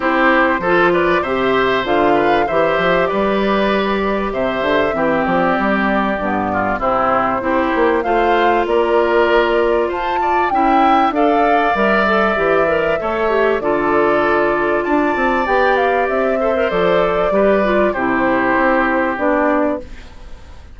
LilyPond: <<
  \new Staff \with { instrumentName = "flute" } { \time 4/4 \tempo 4 = 97 c''4. d''8 e''4 f''4 | e''4 d''2 e''4~ | e''8 d''2~ d''8 c''4~ | c''4 f''4 d''2 |
a''4 g''4 f''4 e''4~ | e''2 d''2 | a''4 g''8 f''8 e''4 d''4~ | d''4 c''2 d''4 | }
  \new Staff \with { instrumentName = "oboe" } { \time 4/4 g'4 a'8 b'8 c''4. b'8 | c''4 b'2 c''4 | g'2~ g'8 f'8 e'4 | g'4 c''4 ais'2 |
c''8 d''8 e''4 d''2~ | d''4 cis''4 a'2 | d''2~ d''8 c''4. | b'4 g'2. | }
  \new Staff \with { instrumentName = "clarinet" } { \time 4/4 e'4 f'4 g'4 f'4 | g'1 | c'2 b4 c'4 | e'4 f'2.~ |
f'4 e'4 a'4 ais'8 a'8 | g'8 ais'8 a'8 g'8 f'2~ | f'4 g'4. a'16 ais'16 a'4 | g'8 f'8 e'2 d'4 | }
  \new Staff \with { instrumentName = "bassoon" } { \time 4/4 c'4 f4 c4 d4 | e8 f8 g2 c8 d8 | e8 f8 g4 g,4 c4 | c'8 ais8 a4 ais2 |
f'4 cis'4 d'4 g4 | e4 a4 d2 | d'8 c'8 b4 c'4 f4 | g4 c4 c'4 b4 | }
>>